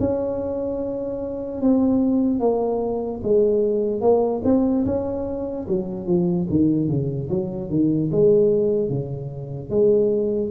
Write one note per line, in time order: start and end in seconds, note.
0.00 1.62 C#4
1.62 2.40 C4
2.40 3.21 A#3
3.24 4.02 G#3
4.02 4.42 A#3
4.45 4.85 C4
4.86 5.67 C#4
5.68 6.07 F#3
6.07 6.48 F3
6.50 6.88 D#3
6.88 7.29 C#3
7.30 7.70 F#3
7.70 8.11 D#3
8.12 8.90 G#3
8.90 9.70 C#3
9.70 10.51 G#3